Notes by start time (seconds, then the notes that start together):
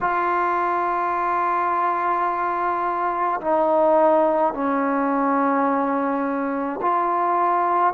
0.01 F4
3.41 D#4
4.53 C#4
6.81 F4